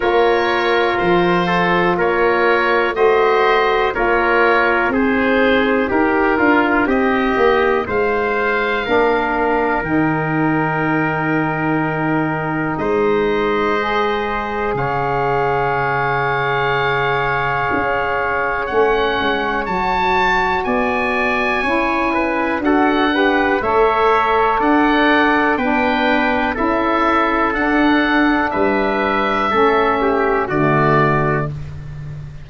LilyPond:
<<
  \new Staff \with { instrumentName = "oboe" } { \time 4/4 \tempo 4 = 61 cis''4 c''4 cis''4 dis''4 | cis''4 c''4 ais'4 dis''4 | f''2 g''2~ | g''4 dis''2 f''4~ |
f''2. fis''4 | a''4 gis''2 fis''4 | e''4 fis''4 g''4 e''4 | fis''4 e''2 d''4 | }
  \new Staff \with { instrumentName = "trumpet" } { \time 4/4 ais'4. a'8 ais'4 c''4 | ais'4 gis'4 g'8 f'8 g'4 | c''4 ais'2.~ | ais'4 c''2 cis''4~ |
cis''1~ | cis''4 d''4 cis''8 b'8 a'8 b'8 | cis''4 d''4 b'4 a'4~ | a'4 b'4 a'8 g'8 fis'4 | }
  \new Staff \with { instrumentName = "saxophone" } { \time 4/4 f'2. fis'4 | f'4 dis'2.~ | dis'4 d'4 dis'2~ | dis'2 gis'2~ |
gis'2. cis'4 | fis'2 e'4 fis'8 g'8 | a'2 d'4 e'4 | d'2 cis'4 a4 | }
  \new Staff \with { instrumentName = "tuba" } { \time 4/4 ais4 f4 ais4 a4 | ais4 c'4 dis'8 d'8 c'8 ais8 | gis4 ais4 dis2~ | dis4 gis2 cis4~ |
cis2 cis'4 a8 gis8 | fis4 b4 cis'4 d'4 | a4 d'4 b4 cis'4 | d'4 g4 a4 d4 | }
>>